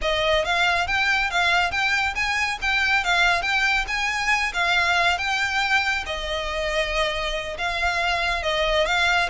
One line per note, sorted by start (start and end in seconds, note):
0.01 0.44 D#5
0.44 0.87 F5
0.87 1.30 G5
1.30 1.71 F5
1.71 2.14 G5
2.15 2.58 G#5
2.61 3.04 G5
3.04 3.42 F5
3.42 3.85 G5
3.87 4.52 G#5
4.53 5.18 F5
5.18 6.04 G5
6.06 7.57 D#5
7.58 8.43 F5
8.43 8.86 D#5
8.86 9.29 F5